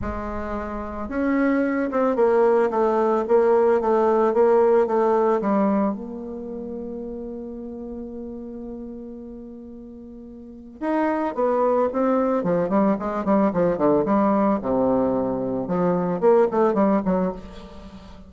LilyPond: \new Staff \with { instrumentName = "bassoon" } { \time 4/4 \tempo 4 = 111 gis2 cis'4. c'8 | ais4 a4 ais4 a4 | ais4 a4 g4 ais4~ | ais1~ |
ais1 | dis'4 b4 c'4 f8 g8 | gis8 g8 f8 d8 g4 c4~ | c4 f4 ais8 a8 g8 fis8 | }